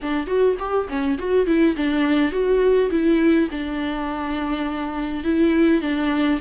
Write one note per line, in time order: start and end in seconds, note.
0.02 0.26 D4
0.26 0.56 F#4
0.59 0.88 G4
0.88 1.18 C#4
1.18 1.46 F#4
1.46 1.75 E4
1.76 2.31 D4
2.31 2.90 F#4
2.90 3.48 E4
3.50 5.24 D4
5.24 5.81 E4
5.81 6.39 D4